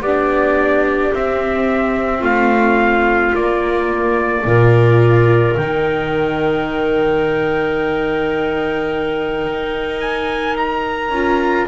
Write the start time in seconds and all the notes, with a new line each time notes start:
0.00 B3 G4 D5
0.06 D4
1.13 C4 E5
2.19 A3 F4 F5
3.34 A#3 D5
4.44 A#2 F4 A#4
5.57 D#3 D#4 G5
9.44 D#4
10.00 G#5
10.56 A#5
11.09 C#4 F4